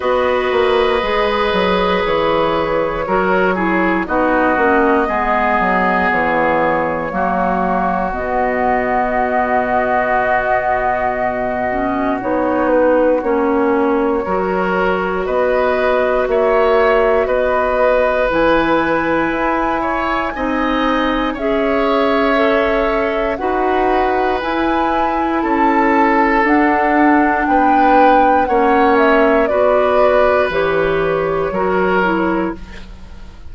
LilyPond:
<<
  \new Staff \with { instrumentName = "flute" } { \time 4/4 \tempo 4 = 59 dis''2 cis''2 | dis''2 cis''2 | dis''1 | cis''8 b'8 cis''2 dis''4 |
e''4 dis''4 gis''2~ | gis''4 e''2 fis''4 | gis''4 a''4 fis''4 g''4 | fis''8 e''8 d''4 cis''2 | }
  \new Staff \with { instrumentName = "oboe" } { \time 4/4 b'2. ais'8 gis'8 | fis'4 gis'2 fis'4~ | fis'1~ | fis'2 ais'4 b'4 |
cis''4 b'2~ b'8 cis''8 | dis''4 cis''2 b'4~ | b'4 a'2 b'4 | cis''4 b'2 ais'4 | }
  \new Staff \with { instrumentName = "clarinet" } { \time 4/4 fis'4 gis'2 fis'8 e'8 | dis'8 cis'8 b2 ais4 | b2.~ b8 cis'8 | dis'4 cis'4 fis'2~ |
fis'2 e'2 | dis'4 gis'4 a'4 fis'4 | e'2 d'2 | cis'4 fis'4 g'4 fis'8 e'8 | }
  \new Staff \with { instrumentName = "bassoon" } { \time 4/4 b8 ais8 gis8 fis8 e4 fis4 | b8 ais8 gis8 fis8 e4 fis4 | b,1 | b4 ais4 fis4 b4 |
ais4 b4 e4 e'4 | c'4 cis'2 dis'4 | e'4 cis'4 d'4 b4 | ais4 b4 e4 fis4 | }
>>